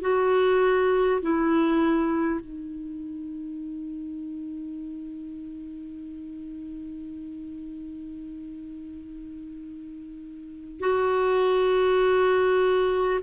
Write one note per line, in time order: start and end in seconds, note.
0.00 1.20 F#4
1.21 2.40 E4
2.40 10.79 D#4
10.79 13.19 F#4